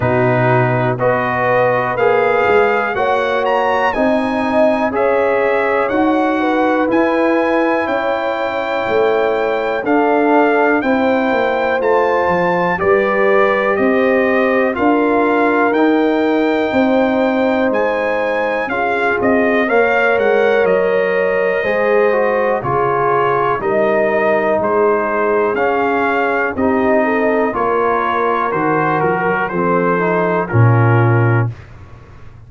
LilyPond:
<<
  \new Staff \with { instrumentName = "trumpet" } { \time 4/4 \tempo 4 = 61 b'4 dis''4 f''4 fis''8 ais''8 | gis''4 e''4 fis''4 gis''4 | g''2 f''4 g''4 | a''4 d''4 dis''4 f''4 |
g''2 gis''4 f''8 dis''8 | f''8 fis''8 dis''2 cis''4 | dis''4 c''4 f''4 dis''4 | cis''4 c''8 ais'8 c''4 ais'4 | }
  \new Staff \with { instrumentName = "horn" } { \time 4/4 fis'4 b'2 cis''4 | dis''4 cis''4. b'4. | cis''2 a'4 c''4~ | c''4 b'4 c''4 ais'4~ |
ais'4 c''2 gis'4 | cis''2 c''4 gis'4 | ais'4 gis'2 g'8 a'8 | ais'2 a'4 f'4 | }
  \new Staff \with { instrumentName = "trombone" } { \time 4/4 dis'4 fis'4 gis'4 fis'4 | dis'4 gis'4 fis'4 e'4~ | e'2 d'4 e'4 | f'4 g'2 f'4 |
dis'2. f'4 | ais'2 gis'8 fis'8 f'4 | dis'2 cis'4 dis'4 | f'4 fis'4 c'8 dis'8 cis'4 | }
  \new Staff \with { instrumentName = "tuba" } { \time 4/4 b,4 b4 ais8 gis8 ais4 | c'4 cis'4 dis'4 e'4 | cis'4 a4 d'4 c'8 ais8 | a8 f8 g4 c'4 d'4 |
dis'4 c'4 gis4 cis'8 c'8 | ais8 gis8 fis4 gis4 cis4 | g4 gis4 cis'4 c'4 | ais4 dis8 f16 fis16 f4 ais,4 | }
>>